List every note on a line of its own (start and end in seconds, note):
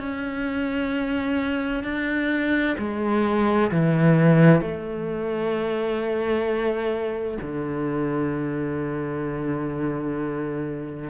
0.00 1.84 C#4
1.84 2.77 D4
2.79 3.71 G#3
3.72 4.62 E3
4.62 7.38 A3
7.42 11.10 D3